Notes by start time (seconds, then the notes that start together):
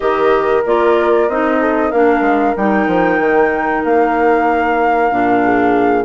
0.00 D#3 G4 A#4 D#5
0.65 A#3 F4 D5
1.28 C4 D#4 D#5
1.60 A4
1.90 A#3 D4 A#4 F5
2.20 G#3
2.56 G3 D#4 G5
2.87 F3
3.19 D#3
3.84 A#3 F5
5.11 A#2 D4
5.44 G#4